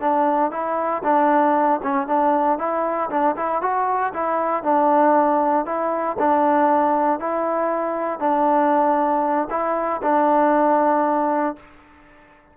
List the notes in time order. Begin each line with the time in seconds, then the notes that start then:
0.00 D4
0.51 E4
1.03 D4
1.83 C#4
2.07 D4
2.58 E4
3.10 D4
3.36 E4
3.61 F#4
4.13 E4
4.63 D4
5.65 E4
6.19 D4
7.19 E4
8.19 D4
9.50 E4
10.02 D4